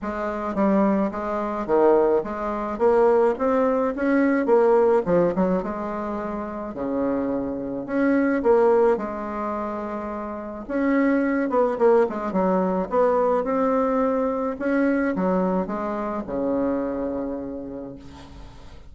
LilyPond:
\new Staff \with { instrumentName = "bassoon" } { \time 4/4 \tempo 4 = 107 gis4 g4 gis4 dis4 | gis4 ais4 c'4 cis'4 | ais4 f8 fis8 gis2 | cis2 cis'4 ais4 |
gis2. cis'4~ | cis'8 b8 ais8 gis8 fis4 b4 | c'2 cis'4 fis4 | gis4 cis2. | }